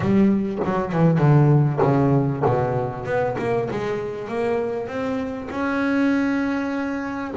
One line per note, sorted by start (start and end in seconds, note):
0.00 0.58 G3
0.64 0.92 F#3
0.92 1.18 E3
1.18 1.79 D3
1.82 2.43 C#3
2.45 3.05 B2
3.05 3.35 B3
3.38 3.68 A#3
3.70 4.27 G#3
4.27 4.87 A#3
4.87 5.48 C4
5.50 7.34 C#4